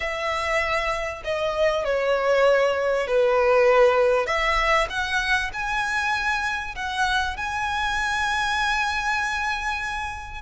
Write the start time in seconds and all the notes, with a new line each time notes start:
0.00 E5
1.24 D#5
1.84 C#5
3.07 B4
4.26 E5
4.89 F#5
5.53 G#5
6.75 F#5
7.36 G#5